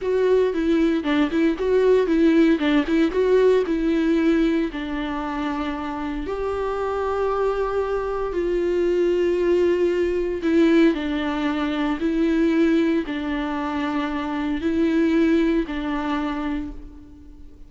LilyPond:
\new Staff \with { instrumentName = "viola" } { \time 4/4 \tempo 4 = 115 fis'4 e'4 d'8 e'8 fis'4 | e'4 d'8 e'8 fis'4 e'4~ | e'4 d'2. | g'1 |
f'1 | e'4 d'2 e'4~ | e'4 d'2. | e'2 d'2 | }